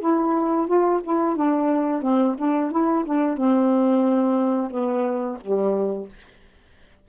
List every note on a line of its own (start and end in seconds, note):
0.00 0.67 E4
0.67 1.01 F4
1.04 1.36 E4
1.36 2.02 D4
2.02 2.36 C4
2.38 2.71 D4
2.71 3.05 E4
3.05 3.37 D4
3.37 4.71 C4
4.71 5.38 B3
5.41 6.08 G3